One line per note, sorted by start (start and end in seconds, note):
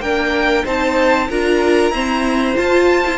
0.00 0.64 A#3
0.00 0.65 D4
0.00 0.64 A#4
0.00 0.65 G5
0.64 1.30 C4
0.64 1.29 D#4
0.64 1.28 C5
0.64 1.31 A5
1.29 1.90 D4
1.29 1.93 F4
1.29 1.93 A#4
1.29 2.57 A#5
1.90 2.55 C4
1.90 2.54 E4
1.90 3.18 C5
2.55 3.03 F4
2.55 3.18 F4
2.55 3.18 A5
3.06 3.18 E4